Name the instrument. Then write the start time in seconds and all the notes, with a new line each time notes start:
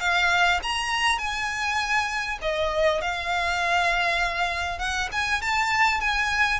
violin
0.00 F5
0.63 A#5
1.18 G#5
2.42 D#5
3.01 F5
4.79 F#5
5.12 G#5
5.42 A5
6.00 G#5